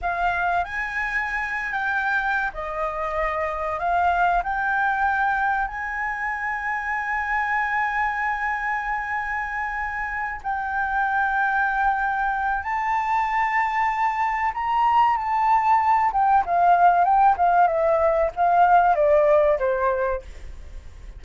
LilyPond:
\new Staff \with { instrumentName = "flute" } { \time 4/4 \tempo 4 = 95 f''4 gis''4.~ gis''16 g''4~ g''16 | dis''2 f''4 g''4~ | g''4 gis''2.~ | gis''1~ |
gis''8 g''2.~ g''8 | a''2. ais''4 | a''4. g''8 f''4 g''8 f''8 | e''4 f''4 d''4 c''4 | }